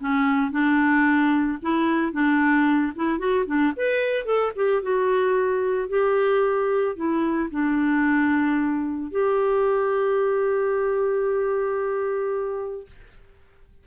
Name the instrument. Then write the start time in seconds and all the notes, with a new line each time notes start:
clarinet
0.00 C#4
0.51 D4
1.62 E4
2.12 D4
2.96 E4
3.19 F#4
3.46 D4
3.77 B4
4.25 A4
4.56 G4
4.82 F#4
5.89 G4
6.96 E4
7.50 D4
9.11 G4